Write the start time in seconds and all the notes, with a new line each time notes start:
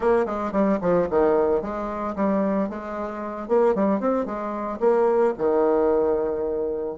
0.00 A#3
0.25 G#3
0.51 G3
0.81 F3
1.10 D#3
1.61 G#3
2.15 G3
2.69 G#3
3.47 A#3
3.74 G3
4.00 C4
4.25 G#3
4.79 A#3
5.38 D#3